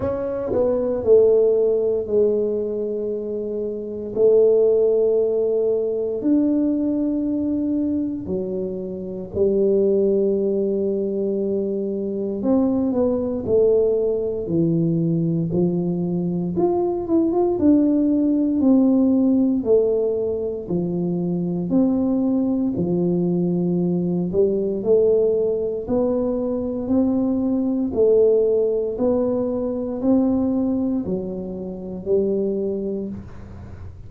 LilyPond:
\new Staff \with { instrumentName = "tuba" } { \time 4/4 \tempo 4 = 58 cis'8 b8 a4 gis2 | a2 d'2 | fis4 g2. | c'8 b8 a4 e4 f4 |
f'8 e'16 f'16 d'4 c'4 a4 | f4 c'4 f4. g8 | a4 b4 c'4 a4 | b4 c'4 fis4 g4 | }